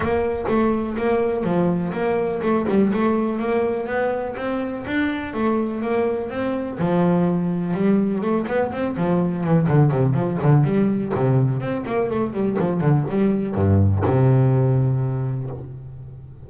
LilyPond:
\new Staff \with { instrumentName = "double bass" } { \time 4/4 \tempo 4 = 124 ais4 a4 ais4 f4 | ais4 a8 g8 a4 ais4 | b4 c'4 d'4 a4 | ais4 c'4 f2 |
g4 a8 b8 c'8 f4 e8 | d8 c8 f8 d8 g4 c4 | c'8 ais8 a8 g8 f8 d8 g4 | g,4 c2. | }